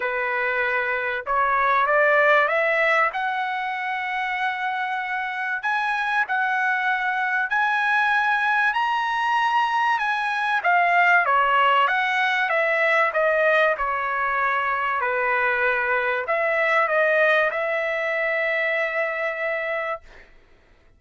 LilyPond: \new Staff \with { instrumentName = "trumpet" } { \time 4/4 \tempo 4 = 96 b'2 cis''4 d''4 | e''4 fis''2.~ | fis''4 gis''4 fis''2 | gis''2 ais''2 |
gis''4 f''4 cis''4 fis''4 | e''4 dis''4 cis''2 | b'2 e''4 dis''4 | e''1 | }